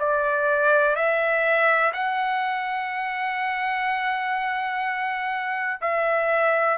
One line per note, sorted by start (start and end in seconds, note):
0.00 0.96 D5
0.96 1.93 E5
1.94 5.81 F#5
5.81 6.78 E5